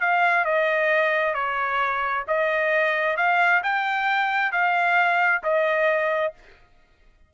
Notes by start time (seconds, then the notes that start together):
0.00 F5
0.44 D#5
1.34 C#5
2.27 D#5
3.16 F5
3.63 G5
4.51 F5
5.43 D#5